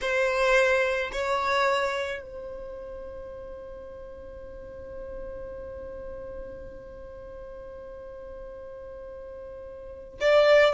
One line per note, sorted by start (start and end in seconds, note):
0.01 1.11 C5
1.12 2.22 C#5
2.22 10.20 C5
10.20 10.74 D5